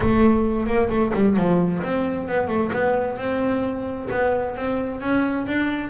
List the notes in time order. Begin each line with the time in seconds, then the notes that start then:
0.00 A3
0.66 A#3
0.89 A3
1.14 G3
1.37 F3
1.82 C4
2.27 B3
2.47 A3
2.72 B3
3.17 C4
4.10 B3
4.56 C4
5.01 C#4
5.46 D4